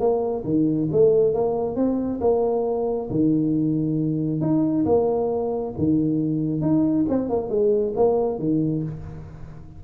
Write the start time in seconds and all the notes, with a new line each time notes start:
0.00 A#3
0.45 D#3
0.92 A3
1.34 A#3
1.76 C4
2.21 A#3
3.11 D#3
4.41 D#4
4.86 A#3
5.78 D#3
6.62 D#4
7.09 C4
7.30 A#3
7.50 G#3
7.96 A#3
8.39 D#3